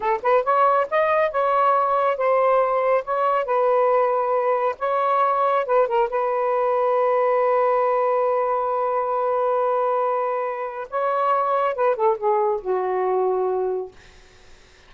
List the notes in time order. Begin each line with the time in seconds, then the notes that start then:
0.00 A4
0.22 B4
0.43 C#5
0.90 D#5
1.31 C#5
2.17 C5
3.04 C#5
3.45 B4
4.78 C#5
5.65 B4
5.87 A#4
6.09 B4
10.90 C#5
11.75 B4
11.95 A4
12.17 G#4
12.61 F#4